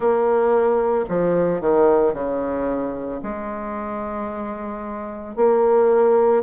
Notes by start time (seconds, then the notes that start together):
0.00 A#3
1.09 F3
1.61 D#3
2.13 C#3
3.22 G#3
5.36 A#3